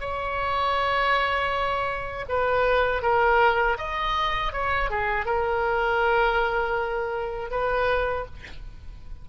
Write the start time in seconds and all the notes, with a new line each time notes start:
0.00 C#5
2.28 B4
3.02 A#4
3.77 D#5
4.52 C#5
4.90 G#4
5.25 A#4
7.50 B4